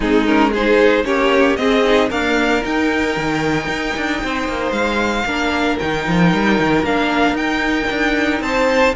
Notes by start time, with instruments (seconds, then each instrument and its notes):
0.00 cello G#3, viola C4, violin D#4 G#4
0.26 viola C#4, violin A#4
0.51 viola D#4, violin G#4 C5
1.04 cello A#3, viola C#4, violin G4 C#5
1.56 cello C4, viola C4, violin G#4 D#5
1.84 viola D#4
2.09 viola A#3, cello D4, violin A#4 F5
2.62 viola D#4, cello D#4, violin G5
3.16 cello D#3
3.67 cello D#4
3.96 cello D4
4.22 cello C4, violin C5
4.48 cello A#3
4.71 cello G#3, violin F5
5.24 cello A#3, viola D4, violin A#4
5.79 cello D#3, viola D#4, violin G5
6.07 cello F3
6.33 cello G3
6.59 cello D#3
6.83 cello A#3, viola D4, violin F5
7.32 cello D#4, viola D#4, violin G5
7.90 cello D4
8.40 cello C4, violin C5 A5